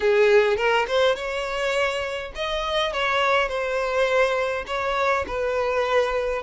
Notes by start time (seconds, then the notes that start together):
0.00 G#4
0.56 A#4
0.87 C5
1.15 C#5
2.35 D#5
2.92 C#5
3.48 C5
4.66 C#5
5.27 B4